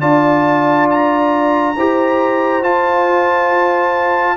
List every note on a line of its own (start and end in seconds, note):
0.00 1.76 D4
0.00 1.75 F4
0.00 1.74 D5
0.00 0.88 A5
0.90 2.64 A#5
1.76 2.63 E4
1.76 2.63 G4
1.76 4.37 C5
2.63 4.37 F4
2.63 4.37 A5